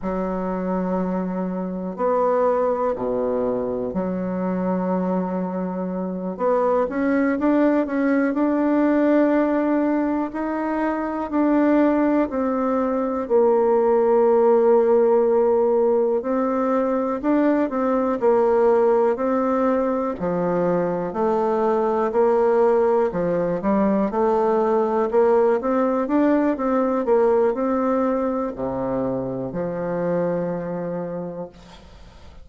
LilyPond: \new Staff \with { instrumentName = "bassoon" } { \time 4/4 \tempo 4 = 61 fis2 b4 b,4 | fis2~ fis8 b8 cis'8 d'8 | cis'8 d'2 dis'4 d'8~ | d'8 c'4 ais2~ ais8~ |
ais8 c'4 d'8 c'8 ais4 c'8~ | c'8 f4 a4 ais4 f8 | g8 a4 ais8 c'8 d'8 c'8 ais8 | c'4 c4 f2 | }